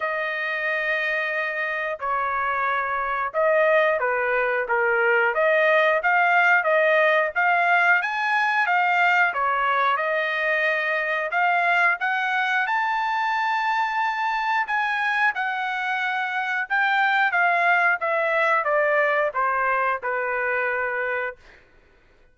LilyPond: \new Staff \with { instrumentName = "trumpet" } { \time 4/4 \tempo 4 = 90 dis''2. cis''4~ | cis''4 dis''4 b'4 ais'4 | dis''4 f''4 dis''4 f''4 | gis''4 f''4 cis''4 dis''4~ |
dis''4 f''4 fis''4 a''4~ | a''2 gis''4 fis''4~ | fis''4 g''4 f''4 e''4 | d''4 c''4 b'2 | }